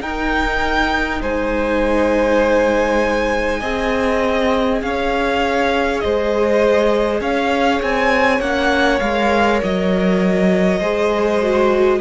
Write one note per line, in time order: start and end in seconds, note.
0.00 1.20 D#4
0.00 3.61 D#4
0.00 1.21 A#4
0.00 1.21 G5
1.21 3.61 G#3
1.21 3.60 C5
1.21 4.82 G#5
3.60 4.81 C4
3.60 8.41 G#4
3.60 4.79 D#5
4.81 6.01 C#4
4.81 6.04 C#5
4.81 5.99 F5
5.99 7.20 G#3
5.99 7.21 C5
5.99 7.19 D#5
7.20 7.80 C#4
7.20 10.79 C#5
7.20 7.81 F5
7.82 8.39 C4
7.82 8.40 G#5
8.39 8.99 A#3
8.39 9.01 C#4
8.39 9.00 F#5
9.00 9.61 G#3
9.00 10.81 A#4
9.00 9.60 F5
9.62 10.80 F#3
9.62 12.01 D#5
10.79 12.00 G#3
10.79 11.42 G#4
10.79 11.98 C5
11.42 12.01 F#4